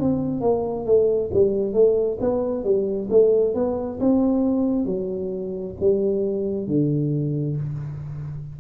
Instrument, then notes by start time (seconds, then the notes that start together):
tuba
0.00 C4
0.41 A#3
0.86 A3
1.34 G3
1.74 A3
2.21 B3
2.64 G3
3.11 A3
3.55 B3
4.00 C4
4.86 F#3
5.80 G3
6.68 D3